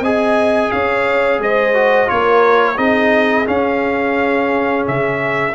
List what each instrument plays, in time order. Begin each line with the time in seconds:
0.00 tuba C4, trombone G#4, horn D#5, trumpet G#5
0.71 tuba C#4, horn C#5, trumpet F5
1.39 tuba G#3, horn C5, trumpet D#5
1.74 trombone F#4
2.07 tuba A#3, trombone F4, horn A#4, trumpet C#5
2.76 tuba C4, trombone D#4, horn G#4, trumpet D#5
3.46 trombone C#4, tuba C#4, trumpet F5
4.87 tuba C#3, trumpet E5